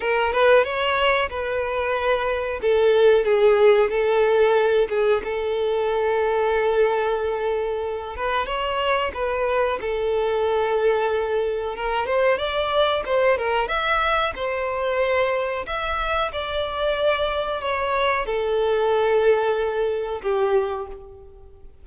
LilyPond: \new Staff \with { instrumentName = "violin" } { \time 4/4 \tempo 4 = 92 ais'8 b'8 cis''4 b'2 | a'4 gis'4 a'4. gis'8 | a'1~ | a'8 b'8 cis''4 b'4 a'4~ |
a'2 ais'8 c''8 d''4 | c''8 ais'8 e''4 c''2 | e''4 d''2 cis''4 | a'2. g'4 | }